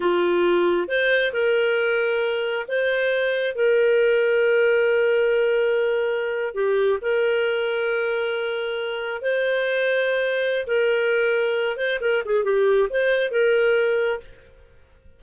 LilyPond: \new Staff \with { instrumentName = "clarinet" } { \time 4/4 \tempo 4 = 135 f'2 c''4 ais'4~ | ais'2 c''2 | ais'1~ | ais'2~ ais'8. g'4 ais'16~ |
ais'1~ | ais'8. c''2.~ c''16 | ais'2~ ais'8 c''8 ais'8 gis'8 | g'4 c''4 ais'2 | }